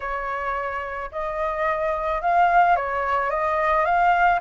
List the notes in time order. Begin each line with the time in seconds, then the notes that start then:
0.00 C#5
1.11 D#5
2.21 F5
2.76 C#5
3.30 D#5
3.85 F5